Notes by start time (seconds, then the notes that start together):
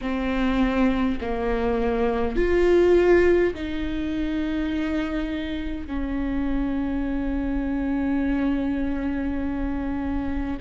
0.01 C4
1.20 A#3
2.36 F4
3.54 D#4
5.86 C#4